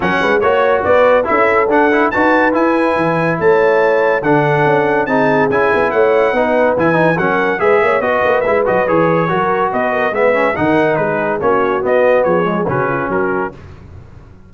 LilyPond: <<
  \new Staff \with { instrumentName = "trumpet" } { \time 4/4 \tempo 4 = 142 fis''4 cis''4 d''4 e''4 | fis''4 a''4 gis''2 | a''2 fis''2 | a''4 gis''4 fis''2 |
gis''4 fis''4 e''4 dis''4 | e''8 dis''8 cis''2 dis''4 | e''4 fis''4 b'4 cis''4 | dis''4 cis''4 b'4 ais'4 | }
  \new Staff \with { instrumentName = "horn" } { \time 4/4 ais'8 b'8 cis''4 b'4 a'4~ | a'4 b'2. | cis''2 a'2 | gis'2 cis''4 b'4~ |
b'4 ais'4 b'8 cis''8 b'4~ | b'2 ais'4 b'8 ais'8 | b'4 ais'4 gis'4 fis'4~ | fis'4 gis'4 fis'8 f'8 fis'4 | }
  \new Staff \with { instrumentName = "trombone" } { \time 4/4 cis'4 fis'2 e'4 | d'8 e'8 fis'4 e'2~ | e'2 d'2 | dis'4 e'2 dis'4 |
e'8 dis'8 cis'4 gis'4 fis'4 | e'8 fis'8 gis'4 fis'2 | b8 cis'8 dis'2 cis'4 | b4. gis8 cis'2 | }
  \new Staff \with { instrumentName = "tuba" } { \time 4/4 fis8 gis8 ais4 b4 cis'4 | d'4 dis'4 e'4 e4 | a2 d4 cis'4 | c'4 cis'8 b8 a4 b4 |
e4 fis4 gis8 ais8 b8 ais8 | gis8 fis8 e4 fis4 b4 | gis4 dis4 gis4 ais4 | b4 f4 cis4 fis4 | }
>>